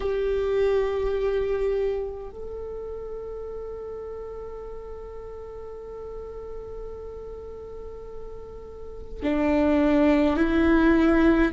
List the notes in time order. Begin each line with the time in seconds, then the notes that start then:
0.00 G4
2.30 A4
9.23 D4
10.36 E4